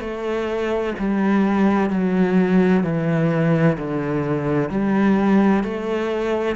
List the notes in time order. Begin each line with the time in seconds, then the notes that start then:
0.00 A3
0.98 G3
1.90 F#3
2.83 E3
3.78 D3
4.70 G3
5.63 A3